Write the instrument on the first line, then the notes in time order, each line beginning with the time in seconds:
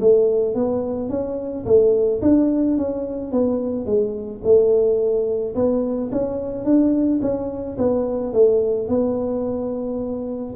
tuba
0.00 A3
0.55 B3
1.09 C#4
1.65 A3
2.21 D4
2.77 C#4
3.31 B3
3.85 G#3
4.43 A3
5.55 B3
6.12 C#4
6.64 D4
7.21 C#4
7.77 B3
8.32 A3
8.88 B3